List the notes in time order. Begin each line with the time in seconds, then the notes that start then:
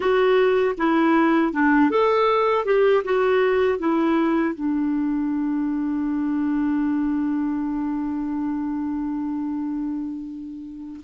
0.00 F#4
0.77 E4
1.53 D4
1.90 A4
2.65 G4
3.04 F#4
3.78 E4
4.55 D4